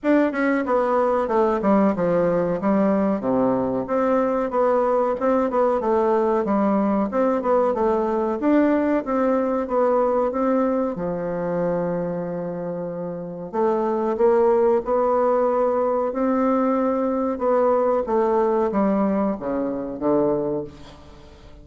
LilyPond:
\new Staff \with { instrumentName = "bassoon" } { \time 4/4 \tempo 4 = 93 d'8 cis'8 b4 a8 g8 f4 | g4 c4 c'4 b4 | c'8 b8 a4 g4 c'8 b8 | a4 d'4 c'4 b4 |
c'4 f2.~ | f4 a4 ais4 b4~ | b4 c'2 b4 | a4 g4 cis4 d4 | }